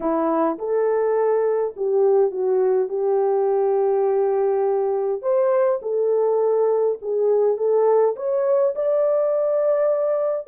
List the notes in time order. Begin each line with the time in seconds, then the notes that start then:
0.00 E4
0.58 A4
1.76 G4
2.31 F#4
2.88 G4
5.21 C5
5.82 A4
7.01 G#4
7.57 A4
8.16 C#5
8.75 D5